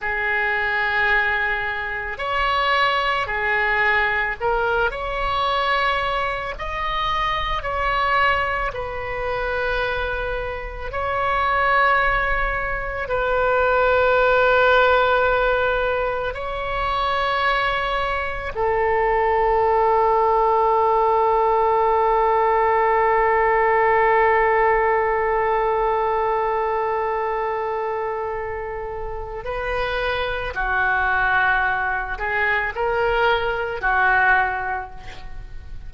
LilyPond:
\new Staff \with { instrumentName = "oboe" } { \time 4/4 \tempo 4 = 55 gis'2 cis''4 gis'4 | ais'8 cis''4. dis''4 cis''4 | b'2 cis''2 | b'2. cis''4~ |
cis''4 a'2.~ | a'1~ | a'2. b'4 | fis'4. gis'8 ais'4 fis'4 | }